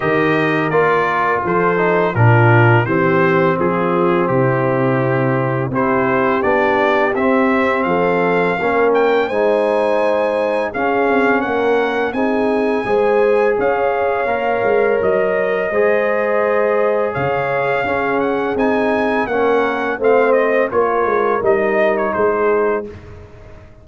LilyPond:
<<
  \new Staff \with { instrumentName = "trumpet" } { \time 4/4 \tempo 4 = 84 dis''4 d''4 c''4 ais'4 | c''4 gis'4 g'2 | c''4 d''4 e''4 f''4~ | f''8 g''8 gis''2 f''4 |
fis''4 gis''2 f''4~ | f''4 dis''2. | f''4. fis''8 gis''4 fis''4 | f''8 dis''8 cis''4 dis''8. cis''16 c''4 | }
  \new Staff \with { instrumentName = "horn" } { \time 4/4 ais'2 a'4 f'4 | g'4 f'4 e'2 | g'2. a'4 | ais'4 c''2 gis'4 |
ais'4 gis'4 c''4 cis''4~ | cis''2 c''2 | cis''4 gis'2 ais'4 | c''4 ais'2 gis'4 | }
  \new Staff \with { instrumentName = "trombone" } { \time 4/4 g'4 f'4. dis'8 d'4 | c'1 | e'4 d'4 c'2 | cis'4 dis'2 cis'4~ |
cis'4 dis'4 gis'2 | ais'2 gis'2~ | gis'4 cis'4 dis'4 cis'4 | c'4 f'4 dis'2 | }
  \new Staff \with { instrumentName = "tuba" } { \time 4/4 dis4 ais4 f4 ais,4 | e4 f4 c2 | c'4 b4 c'4 f4 | ais4 gis2 cis'8 c'8 |
ais4 c'4 gis4 cis'4 | ais8 gis8 fis4 gis2 | cis4 cis'4 c'4 ais4 | a4 ais8 gis8 g4 gis4 | }
>>